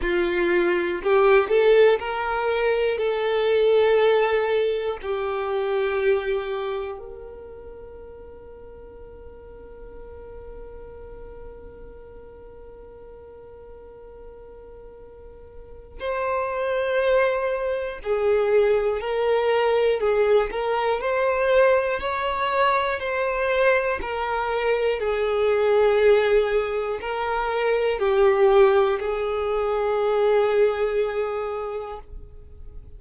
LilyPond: \new Staff \with { instrumentName = "violin" } { \time 4/4 \tempo 4 = 60 f'4 g'8 a'8 ais'4 a'4~ | a'4 g'2 ais'4~ | ais'1~ | ais'1 |
c''2 gis'4 ais'4 | gis'8 ais'8 c''4 cis''4 c''4 | ais'4 gis'2 ais'4 | g'4 gis'2. | }